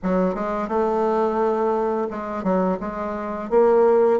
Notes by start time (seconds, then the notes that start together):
0.03 F#3
0.35 G#3
0.68 A3
2.10 G#3
2.43 F#3
2.80 G#3
3.50 A#3